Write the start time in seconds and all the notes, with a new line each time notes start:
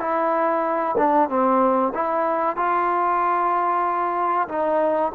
0.00 E4
0.98 D4
1.29 C4
1.94 E4
2.56 F4
4.48 D#4